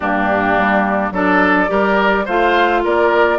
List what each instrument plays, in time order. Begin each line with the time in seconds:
0.00 bassoon G2, clarinet A#3, oboe D4, flute G4
0.57 bassoon G3
1.11 bassoon F#3, clarinet D4, oboe A4, flute D5
1.67 bassoon G3, clarinet G4, oboe A#4
2.25 bassoon A3, clarinet F4, oboe C5, flute F5
2.84 bassoon A#3, oboe A#4, flute D5